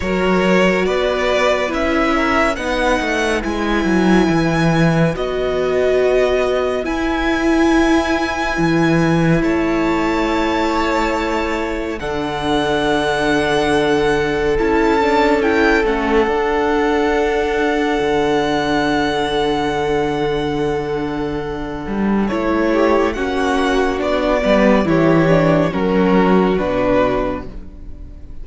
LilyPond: <<
  \new Staff \with { instrumentName = "violin" } { \time 4/4 \tempo 4 = 70 cis''4 d''4 e''4 fis''4 | gis''2 dis''2 | gis''2. a''4~ | a''2 fis''2~ |
fis''4 a''4 g''8 fis''4.~ | fis''1~ | fis''2 cis''4 fis''4 | d''4 cis''4 ais'4 b'4 | }
  \new Staff \with { instrumentName = "violin" } { \time 4/4 ais'4 b'4. ais'8 b'4~ | b'1~ | b'2. cis''4~ | cis''2 a'2~ |
a'1~ | a'1~ | a'2~ a'8 g'8 fis'4~ | fis'8 b'8 g'4 fis'2 | }
  \new Staff \with { instrumentName = "viola" } { \time 4/4 fis'2 e'4 dis'4 | e'2 fis'2 | e'1~ | e'2 d'2~ |
d'4 e'8 d'8 e'8 cis'8 d'4~ | d'1~ | d'2 e'4 cis'4 | d'8 b8 e'8 d'8 cis'4 d'4 | }
  \new Staff \with { instrumentName = "cello" } { \time 4/4 fis4 b4 cis'4 b8 a8 | gis8 fis8 e4 b2 | e'2 e4 a4~ | a2 d2~ |
d4 cis'4. a8 d'4~ | d'4 d2.~ | d4. g8 a4 ais4 | b8 g8 e4 fis4 b,4 | }
>>